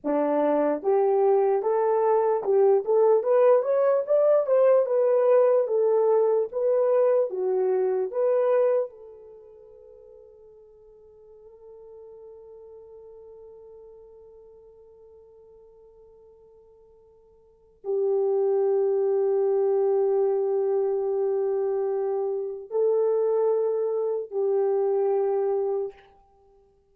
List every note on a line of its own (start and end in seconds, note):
0.04 0.82 D4
0.82 1.62 G4
1.62 2.43 A4
2.43 2.84 G4
2.85 3.22 A4
3.22 3.62 B4
3.62 4.03 C#5
4.05 4.46 D5
4.46 4.86 C5
4.86 5.67 B4
5.67 6.48 A4
6.52 7.30 B4
7.30 8.11 F#4
8.11 8.89 B4
8.89 17.81 A4
17.83 22.70 G4
22.70 24.31 A4
24.31 25.93 G4